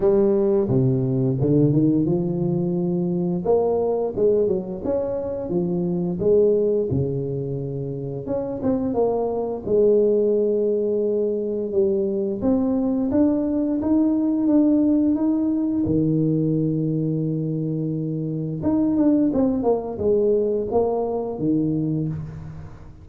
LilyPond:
\new Staff \with { instrumentName = "tuba" } { \time 4/4 \tempo 4 = 87 g4 c4 d8 dis8 f4~ | f4 ais4 gis8 fis8 cis'4 | f4 gis4 cis2 | cis'8 c'8 ais4 gis2~ |
gis4 g4 c'4 d'4 | dis'4 d'4 dis'4 dis4~ | dis2. dis'8 d'8 | c'8 ais8 gis4 ais4 dis4 | }